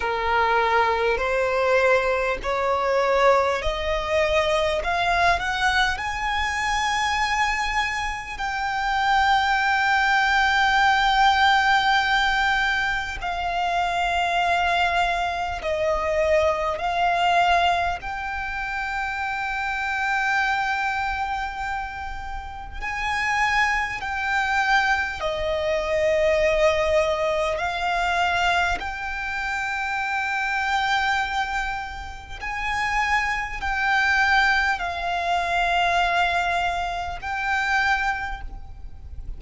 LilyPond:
\new Staff \with { instrumentName = "violin" } { \time 4/4 \tempo 4 = 50 ais'4 c''4 cis''4 dis''4 | f''8 fis''8 gis''2 g''4~ | g''2. f''4~ | f''4 dis''4 f''4 g''4~ |
g''2. gis''4 | g''4 dis''2 f''4 | g''2. gis''4 | g''4 f''2 g''4 | }